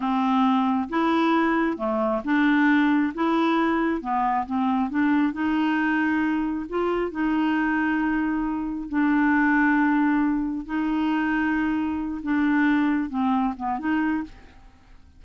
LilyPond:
\new Staff \with { instrumentName = "clarinet" } { \time 4/4 \tempo 4 = 135 c'2 e'2 | a4 d'2 e'4~ | e'4 b4 c'4 d'4 | dis'2. f'4 |
dis'1 | d'1 | dis'2.~ dis'8 d'8~ | d'4. c'4 b8 dis'4 | }